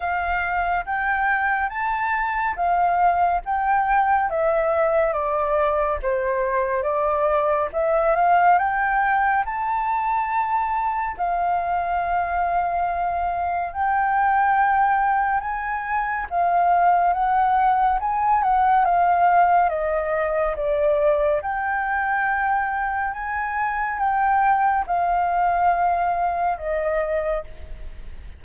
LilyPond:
\new Staff \with { instrumentName = "flute" } { \time 4/4 \tempo 4 = 70 f''4 g''4 a''4 f''4 | g''4 e''4 d''4 c''4 | d''4 e''8 f''8 g''4 a''4~ | a''4 f''2. |
g''2 gis''4 f''4 | fis''4 gis''8 fis''8 f''4 dis''4 | d''4 g''2 gis''4 | g''4 f''2 dis''4 | }